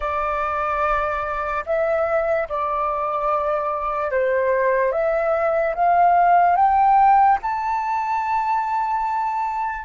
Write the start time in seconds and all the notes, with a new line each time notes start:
0.00 D5
1.66 E5
2.48 D5
4.11 C5
4.92 E5
5.75 F5
6.56 G5
7.42 A5